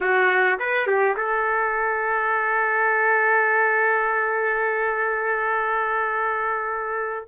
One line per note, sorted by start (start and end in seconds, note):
0.00 0.59 F#4
0.59 0.86 B4
0.86 1.15 G4
1.16 7.28 A4